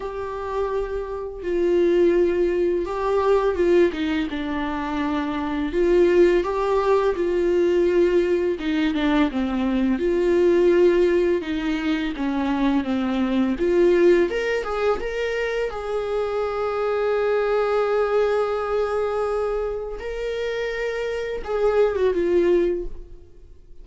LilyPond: \new Staff \with { instrumentName = "viola" } { \time 4/4 \tempo 4 = 84 g'2 f'2 | g'4 f'8 dis'8 d'2 | f'4 g'4 f'2 | dis'8 d'8 c'4 f'2 |
dis'4 cis'4 c'4 f'4 | ais'8 gis'8 ais'4 gis'2~ | gis'1 | ais'2 gis'8. fis'16 f'4 | }